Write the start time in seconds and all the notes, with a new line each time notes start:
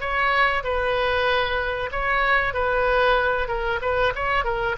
0.00 C#5
0.63 B4
1.91 C#5
2.53 B4
3.48 A#4
3.82 B4
4.15 C#5
4.44 A#4